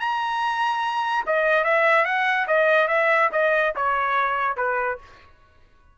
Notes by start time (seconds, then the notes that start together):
0.00 A#5
1.26 D#5
1.64 E5
2.05 F#5
2.47 D#5
2.88 E5
3.32 D#5
3.76 C#5
4.57 B4